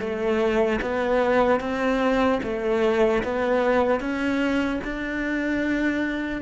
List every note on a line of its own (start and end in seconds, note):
0.00 0.80 A3
0.82 1.60 B3
1.60 2.40 C4
2.44 3.24 A3
3.24 4.01 B3
4.01 4.81 C#4
4.84 6.42 D4